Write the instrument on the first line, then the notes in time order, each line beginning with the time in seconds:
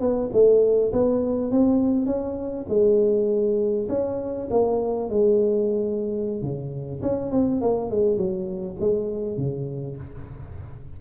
tuba
0.00 B3
0.32 A3
0.92 B3
1.51 C4
2.06 C#4
2.68 G#3
3.89 C#4
4.50 A#3
5.10 G#3
6.42 C#3
7.02 C#4
7.31 C4
7.61 A#3
7.90 G#3
8.17 F#3
8.80 G#3
9.37 C#3